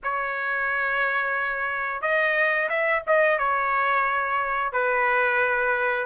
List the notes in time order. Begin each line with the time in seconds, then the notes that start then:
0.03 C#5
2.01 D#5
2.69 E5
3.06 D#5
3.38 C#5
4.72 B4